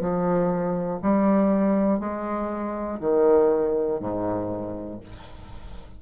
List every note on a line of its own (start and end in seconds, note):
0.00 1.00 F3
1.02 2.00 G3
2.00 3.00 G#3
3.00 4.00 D#3
4.00 5.00 G#2